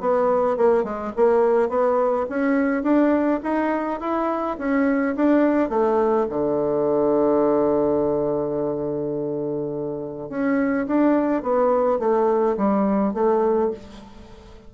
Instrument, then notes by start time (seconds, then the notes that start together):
bassoon
0.00 B3
0.57 A#3
0.83 G#3
1.16 A#3
1.69 B3
2.29 C#4
2.83 D4
3.43 D#4
4.00 E4
4.58 C#4
5.16 D4
5.69 A3
6.29 D3
10.29 C#4
10.87 D4
11.42 B3
11.99 A3
12.57 G3
13.14 A3